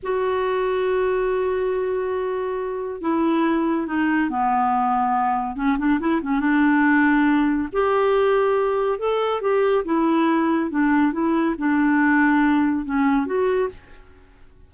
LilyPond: \new Staff \with { instrumentName = "clarinet" } { \time 4/4 \tempo 4 = 140 fis'1~ | fis'2. e'4~ | e'4 dis'4 b2~ | b4 cis'8 d'8 e'8 cis'8 d'4~ |
d'2 g'2~ | g'4 a'4 g'4 e'4~ | e'4 d'4 e'4 d'4~ | d'2 cis'4 fis'4 | }